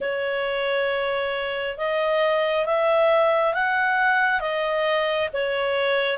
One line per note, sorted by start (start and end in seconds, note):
0.00 1.77 C#5
1.77 2.65 D#5
2.65 3.53 E5
3.53 4.40 F#5
4.40 5.28 D#5
5.33 6.17 C#5